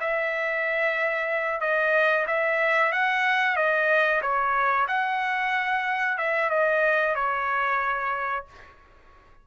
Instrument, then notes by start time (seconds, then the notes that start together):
trumpet
0.00 E5
1.61 D#5
2.27 E5
2.92 F#5
3.56 D#5
4.22 C#5
4.88 F#5
6.18 E5
6.50 D#5
7.15 C#5